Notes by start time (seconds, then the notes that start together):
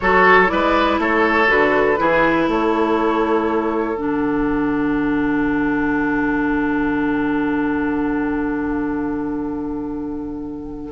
0.00 F#3 F#4 A4 C#5
0.47 G#3 E4 B4 D5
0.98 A3 A4 C#5
1.47 D3 F#4 B4
1.97 E3 E4 G#4
2.47 A3 A4 C#5
3.96 D3 D4 F#5